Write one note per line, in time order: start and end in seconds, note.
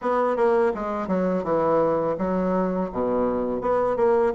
0.01 0.36 B3
0.36 0.72 A#3
0.74 1.07 G#3
1.07 1.43 F#3
1.43 2.16 E3
2.18 2.90 F#3
2.91 3.61 B2
3.61 3.96 B3
3.96 4.32 A#3